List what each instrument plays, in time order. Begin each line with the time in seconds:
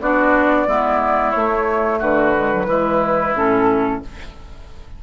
0.00 bassoon B3, clarinet D4, oboe F#4, flute D5
0.67 bassoon G#3, clarinet B3, oboe E4
1.32 bassoon A3, clarinet A3, flute C#5
1.99 bassoon D3, oboe F#4, flute B4
2.36 clarinet G#3
2.52 clarinet F#3
2.65 bassoon E3, clarinet G#3, oboe E4
3.35 bassoon A2, clarinet C#4, flute A4